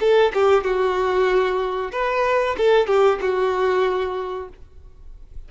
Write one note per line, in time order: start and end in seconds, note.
0.00 0.32 A4
0.34 0.64 G4
0.64 1.91 F#4
1.91 2.55 B4
2.57 2.87 A4
2.87 3.19 G4
3.21 4.48 F#4